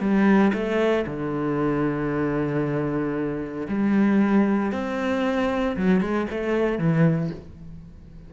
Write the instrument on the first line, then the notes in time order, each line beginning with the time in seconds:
cello
0.00 G3
0.53 A3
1.06 D3
3.68 G3
4.72 C4
5.77 F#3
6.01 G#3
6.30 A3
6.78 E3